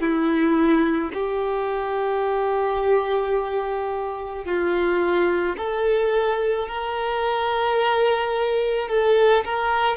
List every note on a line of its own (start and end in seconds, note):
0.00 1.11 E4
1.14 4.45 G4
4.45 5.56 F4
5.57 6.68 A4
6.68 8.89 A#4
8.89 9.44 A4
9.44 9.96 A#4